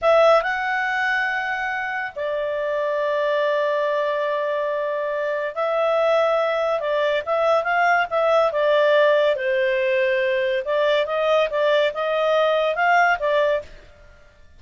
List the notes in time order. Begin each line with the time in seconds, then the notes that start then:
0.01 E5
0.42 F#5
2.15 D5
5.54 E5
6.80 D5
7.25 E5
7.63 F5
8.09 E5
8.52 D5
9.35 C5
10.64 D5
11.06 D#5
11.50 D5
11.94 D#5
12.75 F5
13.19 D5